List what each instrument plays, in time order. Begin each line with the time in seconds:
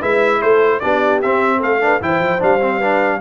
0.00 tuba G#3, trombone E4, horn B4, trumpet E5
0.39 tuba A3, horn A4, trumpet C5
0.79 tuba B3, trombone D4, horn G4, trumpet D5
1.21 tuba C4, trombone C4, trumpet E5
1.58 tuba A3, horn A4, trumpet F5
1.80 trombone D4, horn B4
2.01 tuba E3, trombone E4, horn C5, trumpet G5
2.19 tuba F3
2.39 tuba G3, trombone D4, trumpet F5
2.60 trombone C4
2.78 trombone D4, horn B4